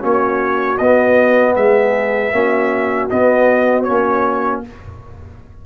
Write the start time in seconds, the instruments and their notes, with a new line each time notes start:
0.00 tuba A#3, trombone C#4, horn F#4, trumpet C#5
0.78 tuba B3, trombone B3, trumpet D#5
1.56 tuba G#3, horn G#4, trumpet E5
2.32 tuba A#3, trombone C#4, horn F#4
3.10 trombone B3, tuba B3, trumpet D#5
3.84 tuba A#3, trombone C#4, trumpet C#5